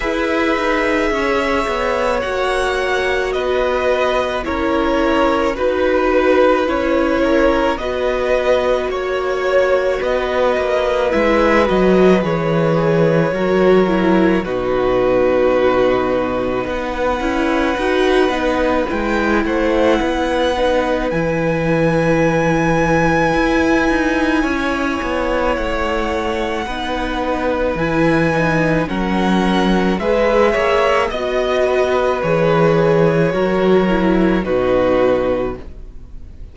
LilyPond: <<
  \new Staff \with { instrumentName = "violin" } { \time 4/4 \tempo 4 = 54 e''2 fis''4 dis''4 | cis''4 b'4 cis''4 dis''4 | cis''4 dis''4 e''8 dis''8 cis''4~ | cis''4 b'2 fis''4~ |
fis''4 g''8 fis''4. gis''4~ | gis''2. fis''4~ | fis''4 gis''4 fis''4 e''4 | dis''4 cis''2 b'4 | }
  \new Staff \with { instrumentName = "violin" } { \time 4/4 b'4 cis''2 b'4 | ais'4 b'4. ais'8 b'4 | cis''4 b'2. | ais'4 fis'2 b'4~ |
b'4. c''8 b'2~ | b'2 cis''2 | b'2 ais'4 b'8 cis''8 | dis''8 b'4. ais'4 fis'4 | }
  \new Staff \with { instrumentName = "viola" } { \time 4/4 gis'2 fis'2 | e'4 fis'4 e'4 fis'4~ | fis'2 e'8 fis'8 gis'4 | fis'8 e'8 dis'2~ dis'8 e'8 |
fis'8 dis'8 e'4. dis'8 e'4~ | e'1 | dis'4 e'8 dis'8 cis'4 gis'4 | fis'4 gis'4 fis'8 e'8 dis'4 | }
  \new Staff \with { instrumentName = "cello" } { \time 4/4 e'8 dis'8 cis'8 b8 ais4 b4 | cis'4 dis'4 cis'4 b4 | ais4 b8 ais8 gis8 fis8 e4 | fis4 b,2 b8 cis'8 |
dis'8 b8 gis8 a8 b4 e4~ | e4 e'8 dis'8 cis'8 b8 a4 | b4 e4 fis4 gis8 ais8 | b4 e4 fis4 b,4 | }
>>